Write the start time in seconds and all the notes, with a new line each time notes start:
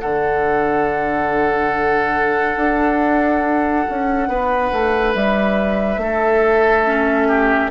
0.00 D3 D4 A4 F#5
2.57 D4
3.90 C#4
4.28 B3 B4
4.72 A3
5.15 G3 E5
5.97 A3 A4
6.86 C#4
7.28 G4